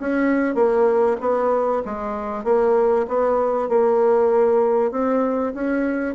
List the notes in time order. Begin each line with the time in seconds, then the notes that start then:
0.00 C#4
0.55 A#3
1.21 B3
1.85 G#3
2.44 A#3
3.08 B3
3.69 A#3
4.91 C4
5.54 C#4